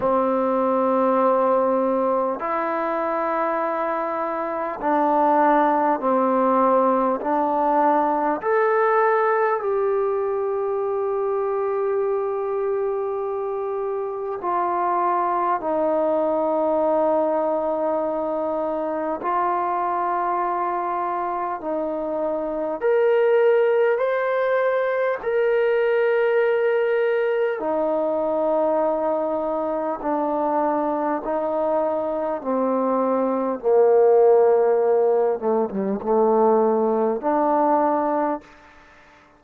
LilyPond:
\new Staff \with { instrumentName = "trombone" } { \time 4/4 \tempo 4 = 50 c'2 e'2 | d'4 c'4 d'4 a'4 | g'1 | f'4 dis'2. |
f'2 dis'4 ais'4 | c''4 ais'2 dis'4~ | dis'4 d'4 dis'4 c'4 | ais4. a16 g16 a4 d'4 | }